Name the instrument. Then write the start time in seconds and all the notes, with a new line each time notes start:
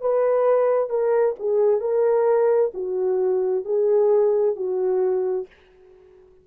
horn
0.00 B4
0.89 A#4
1.38 G#4
1.80 A#4
2.74 F#4
3.64 G#4
4.55 F#4